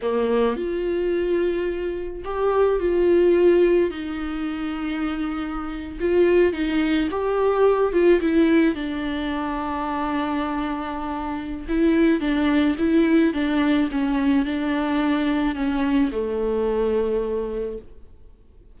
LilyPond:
\new Staff \with { instrumentName = "viola" } { \time 4/4 \tempo 4 = 108 ais4 f'2. | g'4 f'2 dis'4~ | dis'2~ dis'8. f'4 dis'16~ | dis'8. g'4. f'8 e'4 d'16~ |
d'1~ | d'4 e'4 d'4 e'4 | d'4 cis'4 d'2 | cis'4 a2. | }